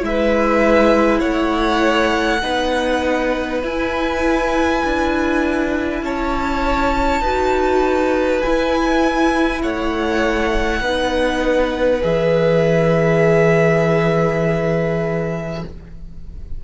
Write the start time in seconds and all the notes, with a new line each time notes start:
0.00 G#3 E4 E5
0.07 B4
1.19 A3 C#5 F#5
2.42 B3 D#4 B4
3.62 E4 G#5
4.84 D4
6.02 C#4 C#5 A5
7.21 D#4 F#4 B4
8.42 E4 G#5
9.62 A3 C#5 F#5
10.81 B3 D#4 B4
12.01 E3 G#4 E5